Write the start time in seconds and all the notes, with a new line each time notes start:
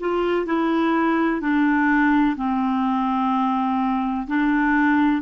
0.00 F4
0.46 E4
1.41 D4
2.37 C4
4.27 D4